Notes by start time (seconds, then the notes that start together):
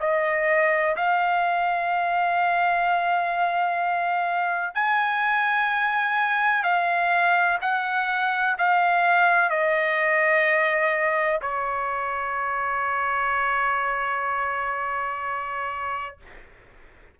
0.00 D#5
0.96 F5
4.74 G#5
6.63 F5
7.61 F#5
8.58 F5
9.49 D#5
11.41 C#5